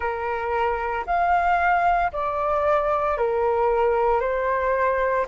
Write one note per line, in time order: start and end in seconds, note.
0.00 1.05 A#4
1.06 2.11 F5
2.12 3.17 D5
3.17 4.20 A#4
4.20 5.25 C5